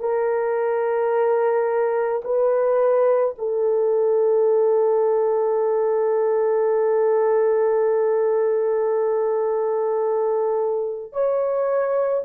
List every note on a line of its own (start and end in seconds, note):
0.00 2.22 A#4
2.24 3.35 B4
3.38 11.13 A4
11.13 12.24 C#5